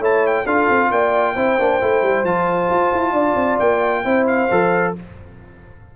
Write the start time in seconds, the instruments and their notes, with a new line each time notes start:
0.00 tuba A3, trombone E4, horn C#5, trumpet A5
0.27 trumpet G5
0.45 tuba D4, trombone F4, horn A4, trumpet F5
0.69 tuba C4
0.91 tuba A#3, horn D5, trumpet G5
1.35 tuba C4, trombone E4, horn C5
1.59 tuba A#3, trombone D4
1.81 tuba A3, trombone E4
2.02 tuba G3
2.24 tuba F3, trombone F4, trumpet A5
2.70 tuba F4
2.94 tuba E4
3.12 tuba D4, horn D5
3.36 tuba C4
3.60 tuba A#3, trumpet G5
4.05 tuba C4, trombone E4, horn C5
4.27 trumpet F5
4.51 tuba F3, trombone A4